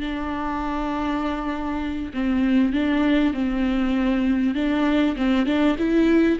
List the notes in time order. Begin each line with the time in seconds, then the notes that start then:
0.00 D4
2.13 C4
2.72 D4
3.33 C4
4.55 D4
5.16 C4
5.46 D4
5.78 E4